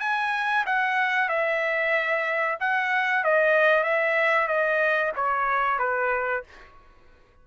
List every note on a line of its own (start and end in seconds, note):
0.00 0.65 G#5
0.66 1.29 F#5
1.29 2.58 E5
2.60 3.24 F#5
3.24 3.84 D#5
3.84 4.48 E5
4.48 5.12 D#5
5.16 5.79 C#5
5.79 6.43 B4